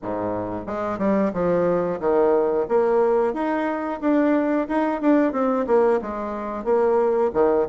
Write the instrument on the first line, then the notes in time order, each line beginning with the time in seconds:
bassoon
0.02 G#2
0.66 G#3
0.98 G3
1.33 F3
2.00 D#3
2.68 A#3
3.33 D#4
4.01 D4
4.68 D#4
5.01 D4
5.32 C4
5.66 A#3
6.01 G#3
6.64 A#3
7.33 D#3